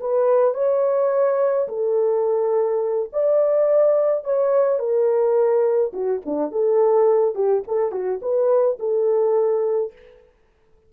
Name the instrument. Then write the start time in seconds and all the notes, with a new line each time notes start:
horn
0.00 B4
0.54 C#5
1.68 A4
3.13 D5
4.24 C#5
4.79 A#4
5.93 F#4
6.25 D4
6.51 A4
7.35 G4
7.67 A4
7.91 F#4
8.22 B4
8.79 A4